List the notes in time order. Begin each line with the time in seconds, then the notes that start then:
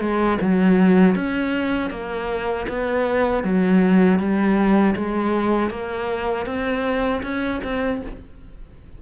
0.00 G#3
0.41 F#3
1.15 C#4
1.90 A#3
2.68 B3
3.43 F#3
4.19 G3
4.95 G#3
5.70 A#3
6.46 C4
7.23 C#4
7.63 C4